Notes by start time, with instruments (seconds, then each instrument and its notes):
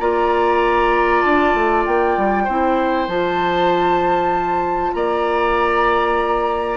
0.00 bassoon A#3, clarinet F4, oboe D5, flute A#5
1.22 bassoon D4, flute A5
1.54 bassoon A3
1.86 bassoon A#3, flute G5
2.18 bassoon G3
2.44 bassoon C4, clarinet E4, oboe C5
3.08 bassoon F3, clarinet F4, flute A5
4.94 bassoon A#3, oboe D5, flute A#5